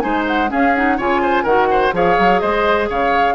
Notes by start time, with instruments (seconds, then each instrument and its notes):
0.00 bassoon G#3, clarinet D#4, oboe C5, flute G#5
0.27 flute F#5
0.48 clarinet C#4, bassoon C#4, oboe G#4, flute F5
0.75 clarinet D#4, flute F#5
0.97 bassoon C#3, clarinet F4, oboe C#5, flute G#5
1.23 oboe C5
1.43 bassoon D#3, clarinet F#4, oboe A#4, flute F#5
1.71 oboe C5
1.93 bassoon F3, clarinet G#4, oboe C#5, flute F5
2.19 bassoon F#3
2.40 bassoon G#3, oboe C5, flute D#5
2.89 bassoon C#3, oboe C#5, flute F5